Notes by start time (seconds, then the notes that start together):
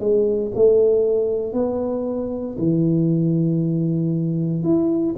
0.00 G#3
0.55 A3
1.53 B3
2.58 E3
4.63 E4